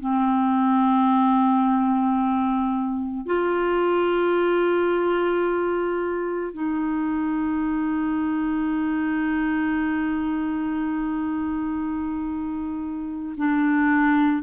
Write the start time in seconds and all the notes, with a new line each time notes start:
0.00 C4
3.26 F4
6.53 D#4
13.37 D4